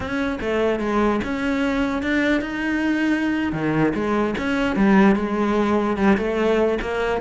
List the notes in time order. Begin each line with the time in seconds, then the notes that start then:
0.00 C#4
0.41 A3
0.79 G#3
1.23 C#4
2.02 D4
2.41 D#4
3.52 D#3
3.94 G#3
4.38 C#4
4.76 G3
5.15 G#3
5.96 G3
6.17 A3
6.81 A#3